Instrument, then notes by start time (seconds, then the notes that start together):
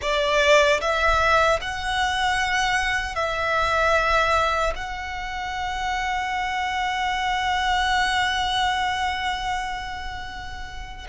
violin
0.01 D5
0.80 E5
1.61 F#5
3.15 E5
4.75 F#5